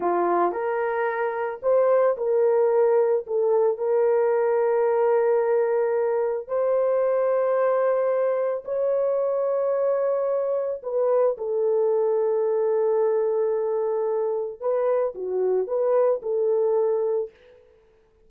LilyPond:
\new Staff \with { instrumentName = "horn" } { \time 4/4 \tempo 4 = 111 f'4 ais'2 c''4 | ais'2 a'4 ais'4~ | ais'1 | c''1 |
cis''1 | b'4 a'2.~ | a'2. b'4 | fis'4 b'4 a'2 | }